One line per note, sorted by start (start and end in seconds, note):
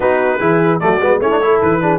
0.00 0.39 B3
0.00 0.39 D#4
0.00 0.39 F#4
0.00 0.79 B4
0.39 0.80 E3
0.39 0.80 E4
0.39 0.79 G#4
0.79 1.00 F#3
0.79 1.00 A3
0.79 1.22 F#4
0.79 1.20 D5
1.00 1.19 G#3
1.00 1.21 B3
1.19 1.59 A3
1.19 1.30 C#4
1.19 1.42 E4
1.19 1.61 C#5
1.30 1.40 D4
1.41 1.81 E4
1.41 1.81 A4
1.61 1.98 E3
1.61 1.98 B4
1.81 1.98 D4
1.81 1.98 G#4